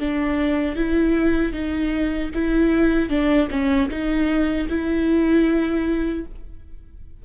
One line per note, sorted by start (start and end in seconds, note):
0.00 0.76 D4
0.76 1.53 E4
1.53 2.31 D#4
2.35 3.10 E4
3.10 3.49 D4
3.51 3.90 C#4
3.90 4.68 D#4
4.70 6.26 E4